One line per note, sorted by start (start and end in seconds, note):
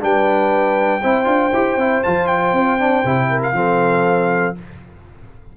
0.00 1.04 G3
0.00 1.01 D4
0.00 1.02 B4
0.00 2.03 G5
1.02 1.26 C4
1.02 1.24 E4
1.02 3.29 C5
1.24 1.52 D4
1.24 1.50 F4
1.53 1.77 E4
1.53 1.79 G4
1.77 2.02 C4
1.77 2.05 E4
2.03 2.53 F3
2.03 2.80 F4
2.03 2.27 A5
2.27 3.40 G5
2.53 3.03 C4
2.80 3.05 D4
3.05 3.53 C3
3.05 3.55 E4
3.30 3.55 A#4
3.42 4.56 F5
3.53 4.54 F3
3.53 4.55 C4
3.53 4.57 A4